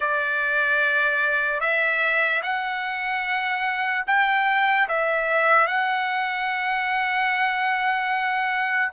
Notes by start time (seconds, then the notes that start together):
0.00 D5
1.60 E5
2.42 F#5
4.07 G5
4.88 E5
5.67 F#5